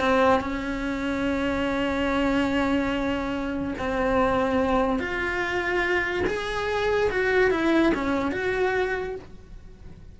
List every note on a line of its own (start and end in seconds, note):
0.00 0.41 C4
0.41 3.74 C#4
3.78 4.99 C4
4.99 6.24 F4
6.27 7.10 G#4
7.10 7.51 F#4
7.51 7.93 E4
7.94 8.32 C#4
8.32 9.15 F#4